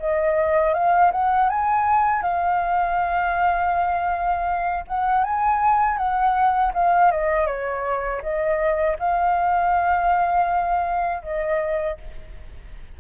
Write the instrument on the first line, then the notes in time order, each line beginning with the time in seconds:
flute
0.00 D#5
0.74 F5
1.12 F#5
1.50 G#5
2.23 F5
4.88 F#5
5.24 G#5
5.98 F#5
6.74 F5
7.12 D#5
7.47 C#5
8.22 D#5
8.99 F5
11.23 D#5